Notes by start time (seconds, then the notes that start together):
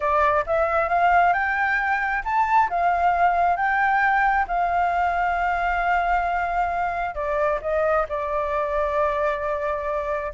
0.00 D5
0.46 E5
0.88 F5
1.33 G5
2.24 A5
2.69 F5
3.56 G5
4.47 F5
7.15 D5
7.61 D#5
8.08 D5